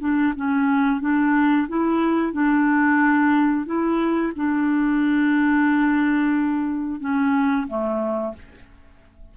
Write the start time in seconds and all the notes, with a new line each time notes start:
0.00 D4
0.36 C#4
1.01 D4
1.68 E4
2.33 D4
3.66 E4
4.36 D4
7.00 C#4
7.67 A3